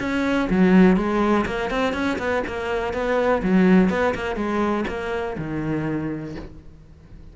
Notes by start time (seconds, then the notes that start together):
0.00 C#4
0.50 F#3
0.96 G#3
1.46 A#3
1.70 C4
1.94 C#4
2.18 B3
2.47 A#3
2.93 B3
3.43 F#3
3.90 B3
4.15 A#3
4.36 G#3
4.88 A#3
5.38 D#3